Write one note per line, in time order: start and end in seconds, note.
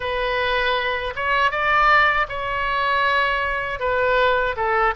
0.00 1.14 B4
1.15 1.51 C#5
1.51 2.26 D5
2.29 3.79 C#5
3.79 4.55 B4
4.56 4.94 A4